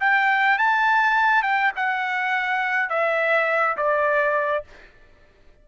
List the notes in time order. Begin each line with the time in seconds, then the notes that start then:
0.00 G5
0.58 A5
1.42 G5
1.76 F#5
2.89 E5
3.77 D5